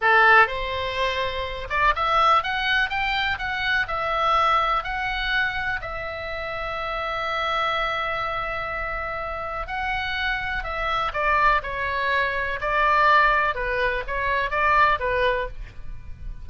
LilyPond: \new Staff \with { instrumentName = "oboe" } { \time 4/4 \tempo 4 = 124 a'4 c''2~ c''8 d''8 | e''4 fis''4 g''4 fis''4 | e''2 fis''2 | e''1~ |
e''1 | fis''2 e''4 d''4 | cis''2 d''2 | b'4 cis''4 d''4 b'4 | }